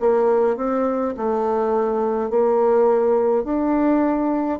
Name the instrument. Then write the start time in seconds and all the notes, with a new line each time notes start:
bassoon
0.00 A#3
0.57 C4
1.17 A3
2.30 A#3
3.44 D4